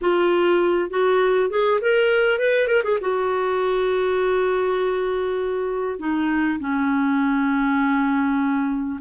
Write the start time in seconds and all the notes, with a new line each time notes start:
0.01 F4
0.90 F#4
1.49 G#4
1.81 A#4
2.38 B4
2.67 A#4
2.83 G#4
3.00 F#4
5.99 D#4
6.59 C#4